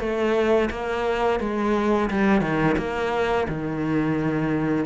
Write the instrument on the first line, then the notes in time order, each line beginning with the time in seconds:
cello
0.00 A3
0.71 A#3
1.40 G#3
2.11 G3
2.41 D#3
2.78 A#3
3.49 D#3